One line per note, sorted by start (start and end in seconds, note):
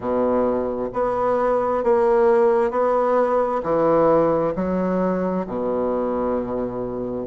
0.00 0.88 B2
0.93 1.83 B3
1.83 2.70 A#3
2.70 3.61 B3
3.63 4.54 E3
4.55 5.46 F#3
5.46 7.26 B2